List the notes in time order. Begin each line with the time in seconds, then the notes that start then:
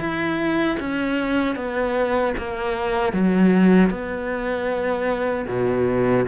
0.00 E4
0.80 C#4
1.56 B3
2.38 A#3
3.13 F#3
3.90 B3
5.48 B2